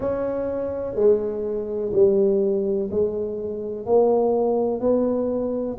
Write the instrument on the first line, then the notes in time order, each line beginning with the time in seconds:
tuba
0.00 C#4
0.95 G#3
1.93 G3
2.90 G#3
3.86 A#3
4.80 B3